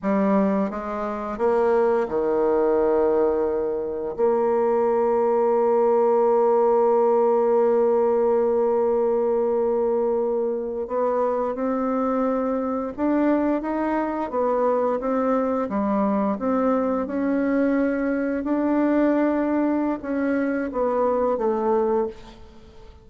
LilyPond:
\new Staff \with { instrumentName = "bassoon" } { \time 4/4 \tempo 4 = 87 g4 gis4 ais4 dis4~ | dis2 ais2~ | ais1~ | ais2.~ ais8. b16~ |
b8. c'2 d'4 dis'16~ | dis'8. b4 c'4 g4 c'16~ | c'8. cis'2 d'4~ d'16~ | d'4 cis'4 b4 a4 | }